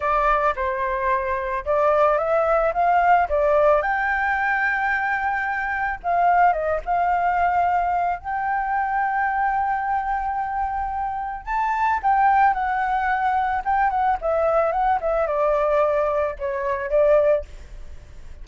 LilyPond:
\new Staff \with { instrumentName = "flute" } { \time 4/4 \tempo 4 = 110 d''4 c''2 d''4 | e''4 f''4 d''4 g''4~ | g''2. f''4 | dis''8 f''2~ f''8 g''4~ |
g''1~ | g''4 a''4 g''4 fis''4~ | fis''4 g''8 fis''8 e''4 fis''8 e''8 | d''2 cis''4 d''4 | }